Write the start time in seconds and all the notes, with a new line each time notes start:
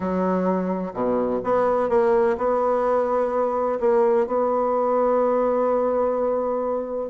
0.00 F#3
0.93 B2
1.43 B3
1.89 A#3
2.37 B3
3.79 A#3
4.26 B3